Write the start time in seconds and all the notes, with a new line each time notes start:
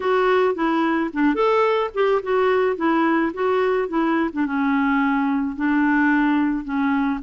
0.00 F#4
0.55 E4
1.13 D4
1.34 A4
1.93 G4
2.22 F#4
2.76 E4
3.33 F#4
3.88 E4
4.32 D4
4.46 C#4
5.56 D4
6.64 C#4